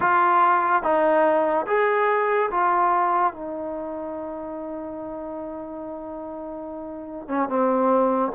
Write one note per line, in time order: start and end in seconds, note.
0.00 0.82 F4
0.82 1.66 D#4
1.66 2.50 G#4
2.50 3.33 F4
3.33 7.27 D#4
7.27 7.48 C#4
7.48 8.31 C4